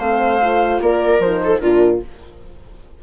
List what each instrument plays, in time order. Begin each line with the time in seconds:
0.00 bassoon A3, horn C4, viola C5, flute F5
0.41 horn F4
0.81 bassoon A#3, viola A#4, flute D5
1.19 bassoon F3, flute C5
1.26 horn D#4
1.44 viola A4
1.60 bassoon A#2, horn D4, viola F4, flute A#4